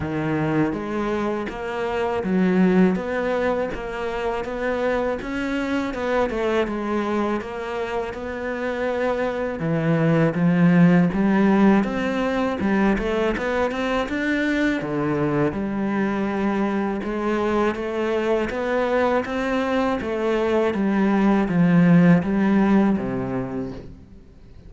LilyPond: \new Staff \with { instrumentName = "cello" } { \time 4/4 \tempo 4 = 81 dis4 gis4 ais4 fis4 | b4 ais4 b4 cis'4 | b8 a8 gis4 ais4 b4~ | b4 e4 f4 g4 |
c'4 g8 a8 b8 c'8 d'4 | d4 g2 gis4 | a4 b4 c'4 a4 | g4 f4 g4 c4 | }